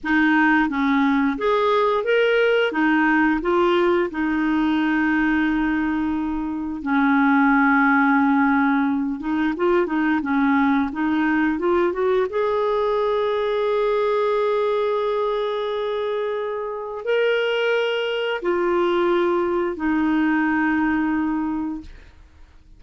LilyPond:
\new Staff \with { instrumentName = "clarinet" } { \time 4/4 \tempo 4 = 88 dis'4 cis'4 gis'4 ais'4 | dis'4 f'4 dis'2~ | dis'2 cis'2~ | cis'4. dis'8 f'8 dis'8 cis'4 |
dis'4 f'8 fis'8 gis'2~ | gis'1~ | gis'4 ais'2 f'4~ | f'4 dis'2. | }